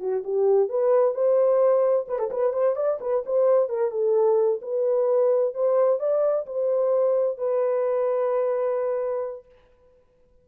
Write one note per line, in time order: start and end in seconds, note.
0.00 0.23 F#4
0.24 0.69 G4
0.69 1.14 B4
1.14 2.06 C5
2.08 2.19 B4
2.19 2.31 A4
2.31 2.53 B4
2.53 2.76 C5
2.76 2.99 D5
3.01 3.24 B4
3.26 3.69 C5
3.69 3.91 A#4
3.91 4.60 A4
4.62 5.54 B4
5.54 6.00 C5
6.00 6.46 D5
6.46 7.38 C5
7.38 9.46 B4